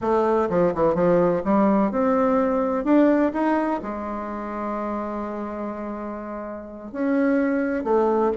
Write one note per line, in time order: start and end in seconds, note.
0.01 0.48 A3
0.49 0.73 F3
0.74 0.95 E3
0.95 1.42 F3
1.44 1.91 G3
1.91 2.84 C4
2.84 3.32 D4
3.33 3.80 D#4
3.82 6.92 G#3
6.92 7.84 C#4
7.84 8.31 A3